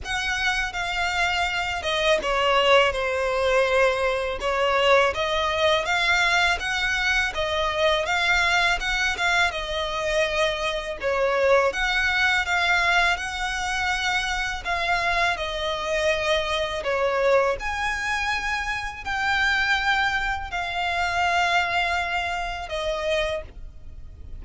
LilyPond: \new Staff \with { instrumentName = "violin" } { \time 4/4 \tempo 4 = 82 fis''4 f''4. dis''8 cis''4 | c''2 cis''4 dis''4 | f''4 fis''4 dis''4 f''4 | fis''8 f''8 dis''2 cis''4 |
fis''4 f''4 fis''2 | f''4 dis''2 cis''4 | gis''2 g''2 | f''2. dis''4 | }